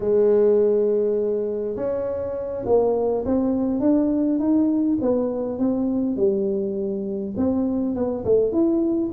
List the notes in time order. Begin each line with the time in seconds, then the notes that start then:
0.00 G#3
1.76 C#4
2.65 A#3
3.25 C4
3.80 D4
4.39 D#4
5.01 B3
5.58 C4
6.16 G3
7.36 C4
7.95 B3
8.24 A3
8.52 E4